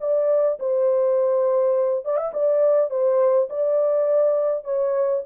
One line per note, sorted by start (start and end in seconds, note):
0.00 0.58 D5
0.59 2.05 C5
2.05 2.17 D5
2.17 2.31 E5
2.33 2.90 D5
2.90 3.48 C5
3.49 4.64 D5
4.64 5.22 C#5